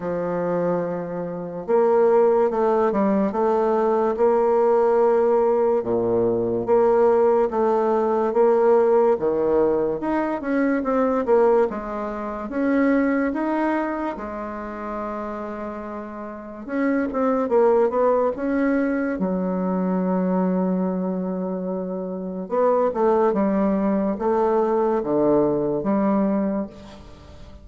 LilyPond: \new Staff \with { instrumentName = "bassoon" } { \time 4/4 \tempo 4 = 72 f2 ais4 a8 g8 | a4 ais2 ais,4 | ais4 a4 ais4 dis4 | dis'8 cis'8 c'8 ais8 gis4 cis'4 |
dis'4 gis2. | cis'8 c'8 ais8 b8 cis'4 fis4~ | fis2. b8 a8 | g4 a4 d4 g4 | }